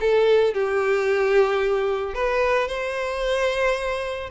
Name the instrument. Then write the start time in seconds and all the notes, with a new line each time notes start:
violin
0.00 A4
0.54 G4
2.14 B4
2.68 C5